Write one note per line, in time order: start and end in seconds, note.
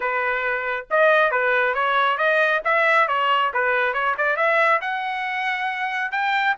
0.00 0.86 B4
0.90 1.31 D#5
1.31 1.74 B4
1.74 2.17 C#5
2.17 2.61 D#5
2.64 3.08 E5
3.08 3.52 C#5
3.53 3.93 B4
3.93 4.15 C#5
4.17 4.36 D5
4.36 4.80 E5
4.81 6.11 F#5
6.11 6.55 G5